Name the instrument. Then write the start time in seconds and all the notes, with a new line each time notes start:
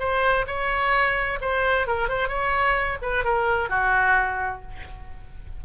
oboe
0.00 C5
0.47 C#5
1.42 C5
1.87 A#4
2.09 C5
2.29 C#5
3.02 B4
3.25 A#4
3.70 F#4